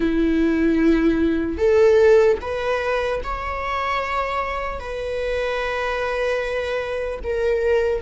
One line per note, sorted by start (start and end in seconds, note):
0.00 1.57 E4
1.57 2.37 A4
2.41 3.21 B4
3.23 4.79 C#5
4.79 7.19 B4
7.23 8.01 A#4